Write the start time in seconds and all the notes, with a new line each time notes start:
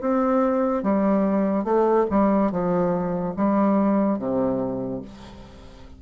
0.00 C4
0.83 G3
1.64 A3
2.10 G3
2.51 F3
3.36 G3
4.18 C3